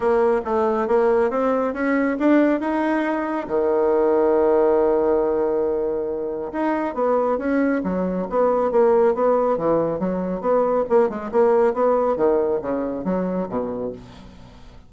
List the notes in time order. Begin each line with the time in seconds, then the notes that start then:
0.00 A#3
0.44 A3
0.87 A#3
1.30 C4
1.73 C#4
2.19 D4
2.60 D#4
3.47 D#3
6.52 D#4
6.94 B3
7.38 C#4
7.83 F#3
8.29 B3
8.71 A#3
9.14 B3
9.57 E3
9.99 F#3
10.41 B3
10.89 A#3
11.09 G#3
11.31 A#3
11.73 B3
12.16 D#3
12.61 C#3
13.04 F#3
13.48 B2